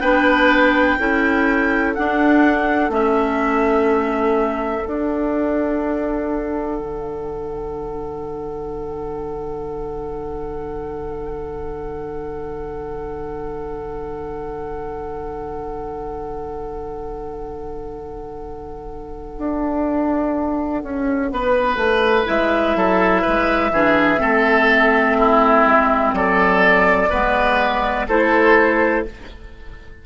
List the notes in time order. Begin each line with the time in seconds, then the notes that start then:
0.00 B3 D4 B4 G5
0.99 C#4 E4 A4
1.95 D4 F#5
2.89 A3 C#4 E5
4.85 D4 F#5
6.79 D3
19.38 D4
20.83 C#4
21.31 B3 B4
21.76 A3
22.25 G#3 E4 E5
22.76 F#3 A4
23.22 B4
23.28 G#3
23.71 E3 D4 G#4
24.18 A3 C4 A4
25.18 E4
25.65 G#3
26.12 F#3 A4 D5
27.09 G#3 B3 B4
28.08 A3 E4 A4 C5